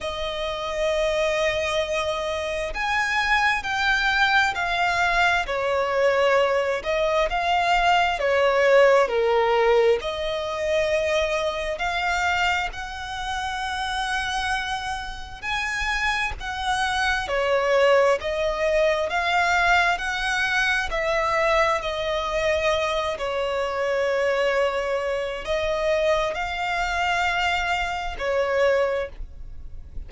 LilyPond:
\new Staff \with { instrumentName = "violin" } { \time 4/4 \tempo 4 = 66 dis''2. gis''4 | g''4 f''4 cis''4. dis''8 | f''4 cis''4 ais'4 dis''4~ | dis''4 f''4 fis''2~ |
fis''4 gis''4 fis''4 cis''4 | dis''4 f''4 fis''4 e''4 | dis''4. cis''2~ cis''8 | dis''4 f''2 cis''4 | }